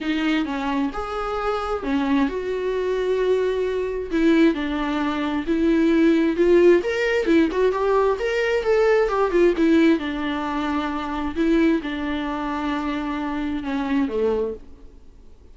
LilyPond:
\new Staff \with { instrumentName = "viola" } { \time 4/4 \tempo 4 = 132 dis'4 cis'4 gis'2 | cis'4 fis'2.~ | fis'4 e'4 d'2 | e'2 f'4 ais'4 |
e'8 fis'8 g'4 ais'4 a'4 | g'8 f'8 e'4 d'2~ | d'4 e'4 d'2~ | d'2 cis'4 a4 | }